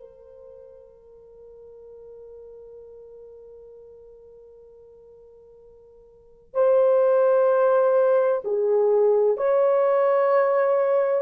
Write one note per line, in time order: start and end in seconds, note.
0.00 6.54 A#4
6.54 8.42 C5
8.45 9.37 G#4
9.37 11.22 C#5